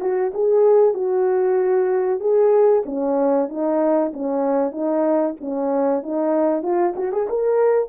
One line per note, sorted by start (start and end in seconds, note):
0.00 0.32 F#4
0.34 0.94 G#4
0.94 2.20 F#4
2.20 2.83 G#4
2.85 3.48 C#4
3.48 4.11 D#4
4.13 4.71 C#4
4.71 5.34 D#4
5.40 6.02 C#4
6.02 6.62 D#4
6.62 6.94 F4
6.96 7.11 F#4
7.11 7.27 G#4
7.29 7.89 A#4